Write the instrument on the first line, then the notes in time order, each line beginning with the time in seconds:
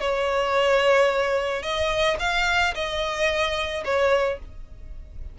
violin
0.00 C#5
1.62 D#5
2.19 F5
2.74 D#5
3.84 C#5